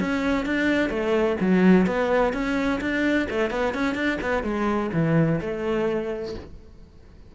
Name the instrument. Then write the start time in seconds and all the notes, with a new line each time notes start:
cello
0.00 C#4
0.45 D4
0.89 A3
1.40 F#3
1.86 B3
2.33 C#4
2.80 D4
3.30 A3
3.50 B3
3.74 C#4
3.94 D4
4.21 B3
4.43 G#3
4.93 E3
5.41 A3